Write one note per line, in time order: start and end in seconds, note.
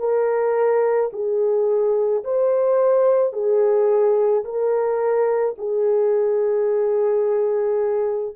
0.00 1.11 A#4
1.13 2.24 G#4
2.25 3.33 C5
3.33 4.44 G#4
4.45 5.56 A#4
5.59 8.36 G#4